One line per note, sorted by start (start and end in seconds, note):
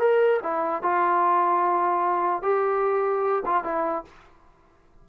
0.00 0.40 A#4
0.43 0.83 E4
0.83 2.43 F4
2.43 3.43 G4
3.46 3.64 F4
3.64 4.05 E4